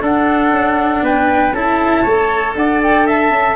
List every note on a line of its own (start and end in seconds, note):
0.00 1.53 D4
0.00 0.51 D4
0.00 1.04 A4
0.00 1.06 F#5
0.51 1.01 C#4
1.03 1.53 B3
1.03 1.55 B4
1.03 1.53 G5
1.53 2.04 C#4
1.53 2.07 E4
1.53 2.03 A4
1.53 2.55 A5
2.03 2.55 A3
2.03 3.56 A4
2.03 2.54 C#5
2.55 3.31 D4
2.55 3.07 D5
2.55 2.81 F#5
2.83 3.08 G5
3.07 3.56 E5
3.07 3.56 A5
3.31 3.56 C#4